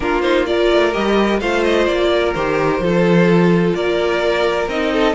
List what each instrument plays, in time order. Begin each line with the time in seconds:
0.00 cello A#3, viola D4, violin F4 A#4
0.21 viola D#4, violin C5
0.45 viola F4, violin A#4 D5
0.71 cello A3
0.92 cello G3, viola G4, violin D#5
1.39 cello A3, viola F4, violin C5 F5
1.63 violin D#5
1.86 cello A#3, violin D5
2.14 violin A#4
2.34 cello D#3, viola G4, violin C5
2.80 cello F3, viola F4, violin A4
3.74 cello A#3, violin A#4 D5
4.67 cello C4, viola D#4, violin D#5
4.92 violin A4